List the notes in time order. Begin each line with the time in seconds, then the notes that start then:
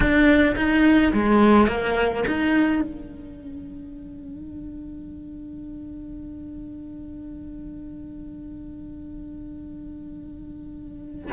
0.00 D4
0.56 D#4
1.13 G#3
1.67 A#3
2.27 D#4
2.81 D4